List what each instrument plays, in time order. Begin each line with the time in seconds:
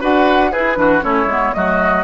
0.00 bassoon D4, clarinet F#4, oboe B4, flute F#5
0.51 bassoon E4, clarinet E4, oboe G#4, flute B4
0.75 bassoon E3, clarinet D4, oboe F#4
1.01 bassoon A3, clarinet C#4, oboe E4, flute C#5
1.25 bassoon G#3, clarinet B3
1.53 bassoon F#3, clarinet A3, oboe F#4, flute D#5